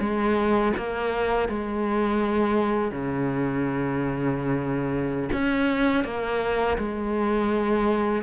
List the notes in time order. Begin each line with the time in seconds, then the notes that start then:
0.00 G#3
0.77 A#3
1.49 G#3
2.92 C#3
5.33 C#4
6.05 A#3
6.78 G#3